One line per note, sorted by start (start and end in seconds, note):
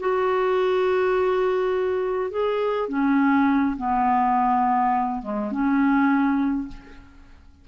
0.00 2.31 F#4
2.31 2.89 G#4
2.89 3.77 C#4
3.77 5.23 B3
5.23 5.52 G#3
5.52 6.68 C#4